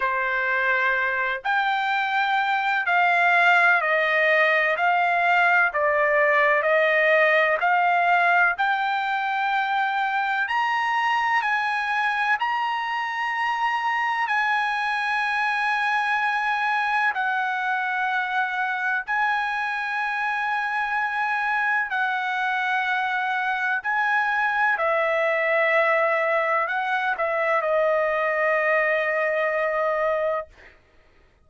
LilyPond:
\new Staff \with { instrumentName = "trumpet" } { \time 4/4 \tempo 4 = 63 c''4. g''4. f''4 | dis''4 f''4 d''4 dis''4 | f''4 g''2 ais''4 | gis''4 ais''2 gis''4~ |
gis''2 fis''2 | gis''2. fis''4~ | fis''4 gis''4 e''2 | fis''8 e''8 dis''2. | }